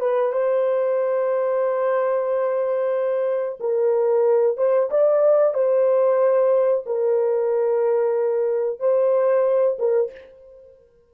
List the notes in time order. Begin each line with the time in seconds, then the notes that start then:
0.00 B4
0.33 C5
3.60 A#4
4.57 C5
4.90 D5
5.54 C5
6.86 A#4
8.80 C5
9.79 A#4